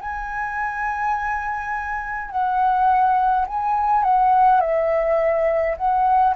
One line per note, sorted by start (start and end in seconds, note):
0.00 2.30 G#5
2.30 3.45 F#5
3.47 4.03 G#5
4.03 4.60 F#5
4.60 5.76 E5
5.76 6.34 F#5